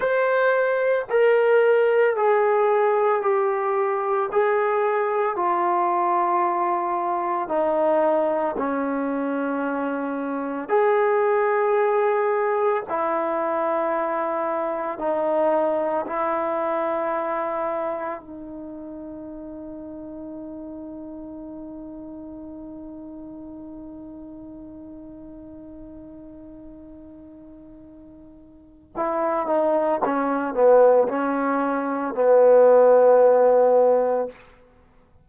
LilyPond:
\new Staff \with { instrumentName = "trombone" } { \time 4/4 \tempo 4 = 56 c''4 ais'4 gis'4 g'4 | gis'4 f'2 dis'4 | cis'2 gis'2 | e'2 dis'4 e'4~ |
e'4 dis'2.~ | dis'1~ | dis'2. e'8 dis'8 | cis'8 b8 cis'4 b2 | }